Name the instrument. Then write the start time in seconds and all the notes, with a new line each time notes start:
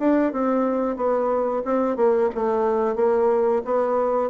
bassoon
0.00 D4
0.33 C4
0.97 B3
1.65 C4
1.97 A#3
2.35 A3
2.96 A#3
3.65 B3